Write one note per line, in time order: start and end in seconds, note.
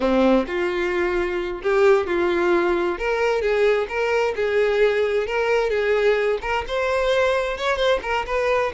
0.00 0.45 C4
0.47 1.61 F4
1.63 2.06 G4
2.06 2.98 F4
2.98 3.41 A#4
3.41 3.87 G#4
3.88 4.34 A#4
4.35 5.26 G#4
5.26 5.70 A#4
5.70 6.38 G#4
6.41 6.64 A#4
6.67 7.57 C5
7.57 7.76 C#5
7.76 7.99 C5
8.02 8.25 A#4
8.26 8.72 B4